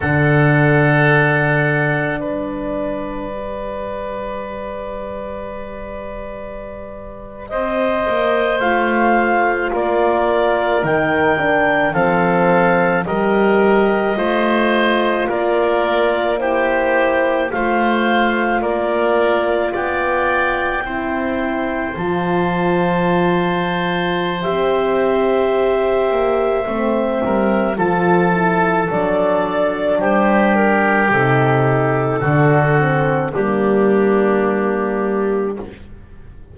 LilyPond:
<<
  \new Staff \with { instrumentName = "clarinet" } { \time 4/4 \tempo 4 = 54 fis''2 d''2~ | d''2~ d''8. dis''4 f''16~ | f''8. d''4 g''4 f''4 dis''16~ | dis''4.~ dis''16 d''4 c''4 f''16~ |
f''8. d''4 g''2 a''16~ | a''2 e''2~ | e''4 a''4 d''4 c''8 ais'8 | a'2 g'2 | }
  \new Staff \with { instrumentName = "oboe" } { \time 4/4 a'2 b'2~ | b'2~ b'8. c''4~ c''16~ | c''8. ais'2 a'4 ais'16~ | ais'8. c''4 ais'4 g'4 c''16~ |
c''8. ais'4 d''4 c''4~ c''16~ | c''1~ | c''8 ais'8 a'2 g'4~ | g'4 fis'4 d'2 | }
  \new Staff \with { instrumentName = "horn" } { \time 4/4 d'2. g'4~ | g'2.~ g'8. f'16~ | f'4.~ f'16 dis'8 d'8 c'4 g'16~ | g'8. f'2 e'4 f'16~ |
f'2~ f'8. e'4 f'16~ | f'2 g'2 | c'4 f'8 e'8 d'2 | dis'4 d'8 c'8 ais2 | }
  \new Staff \with { instrumentName = "double bass" } { \time 4/4 d2 g2~ | g2~ g8. c'8 ais8 a16~ | a8. ais4 dis4 f4 g16~ | g8. a4 ais2 a16~ |
a8. ais4 b4 c'4 f16~ | f2 c'4. ais8 | a8 g8 f4 fis4 g4 | c4 d4 g2 | }
>>